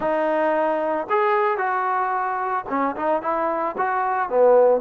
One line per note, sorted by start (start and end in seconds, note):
0.00 1.07 D#4
1.09 1.57 G#4
1.57 2.64 F#4
2.68 2.95 C#4
2.96 3.21 D#4
3.21 3.75 E4
3.77 4.29 F#4
4.29 4.80 B3